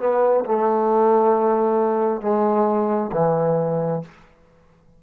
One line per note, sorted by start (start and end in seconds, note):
0.00 0.45 B3
0.46 2.22 A3
2.22 3.11 G#3
3.13 4.03 E3